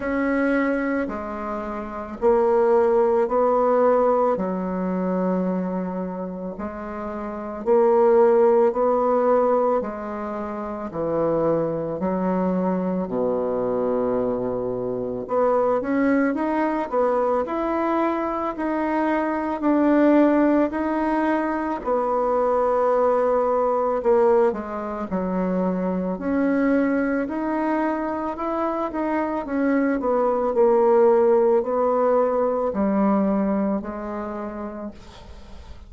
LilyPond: \new Staff \with { instrumentName = "bassoon" } { \time 4/4 \tempo 4 = 55 cis'4 gis4 ais4 b4 | fis2 gis4 ais4 | b4 gis4 e4 fis4 | b,2 b8 cis'8 dis'8 b8 |
e'4 dis'4 d'4 dis'4 | b2 ais8 gis8 fis4 | cis'4 dis'4 e'8 dis'8 cis'8 b8 | ais4 b4 g4 gis4 | }